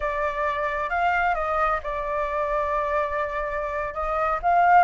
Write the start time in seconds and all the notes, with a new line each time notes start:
0.00 D5
0.89 F5
1.34 D#5
1.83 D5
3.94 D#5
4.42 F5